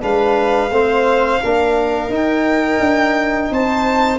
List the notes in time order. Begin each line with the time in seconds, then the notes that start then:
0.00 G#3 D4 B4 F5
0.69 A3 C4 C5
1.42 A#3 D4 A#4
2.08 D#4
2.15 G5
2.80 D4
3.50 C4 C5 A5